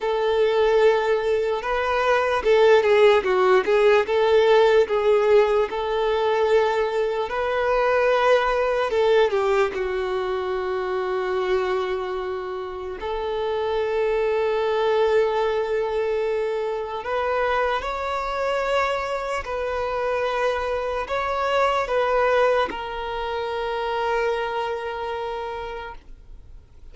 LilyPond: \new Staff \with { instrumentName = "violin" } { \time 4/4 \tempo 4 = 74 a'2 b'4 a'8 gis'8 | fis'8 gis'8 a'4 gis'4 a'4~ | a'4 b'2 a'8 g'8 | fis'1 |
a'1~ | a'4 b'4 cis''2 | b'2 cis''4 b'4 | ais'1 | }